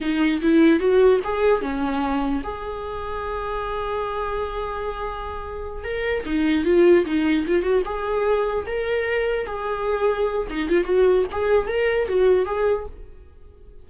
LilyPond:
\new Staff \with { instrumentName = "viola" } { \time 4/4 \tempo 4 = 149 dis'4 e'4 fis'4 gis'4 | cis'2 gis'2~ | gis'1~ | gis'2~ gis'8 ais'4 dis'8~ |
dis'8 f'4 dis'4 f'8 fis'8 gis'8~ | gis'4. ais'2 gis'8~ | gis'2 dis'8 f'8 fis'4 | gis'4 ais'4 fis'4 gis'4 | }